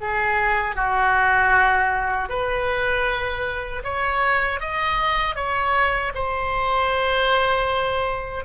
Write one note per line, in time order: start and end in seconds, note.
0.00 0.75 G#4
0.75 2.29 F#4
2.29 3.83 B4
3.84 4.60 C#5
4.60 5.35 D#5
5.35 6.12 C#5
6.14 8.44 C5